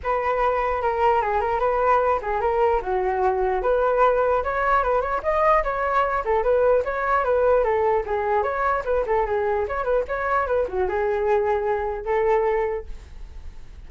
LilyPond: \new Staff \with { instrumentName = "flute" } { \time 4/4 \tempo 4 = 149 b'2 ais'4 gis'8 ais'8 | b'4. gis'8 ais'4 fis'4~ | fis'4 b'2 cis''4 | b'8 cis''8 dis''4 cis''4. a'8 |
b'4 cis''4 b'4 a'4 | gis'4 cis''4 b'8 a'8 gis'4 | cis''8 b'8 cis''4 b'8 fis'8 gis'4~ | gis'2 a'2 | }